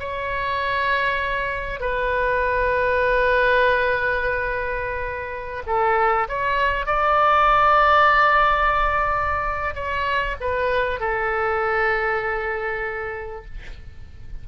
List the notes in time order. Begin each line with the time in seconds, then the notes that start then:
0.00 C#5
1.81 B4
5.67 A4
6.29 C#5
6.87 D5
9.75 C#5
10.41 B4
11.00 A4